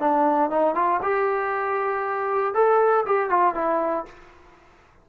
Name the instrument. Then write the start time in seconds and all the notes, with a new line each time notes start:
trombone
0.00 D4
0.50 D#4
0.75 F4
1.02 G4
2.54 A4
3.06 G4
3.30 F4
3.55 E4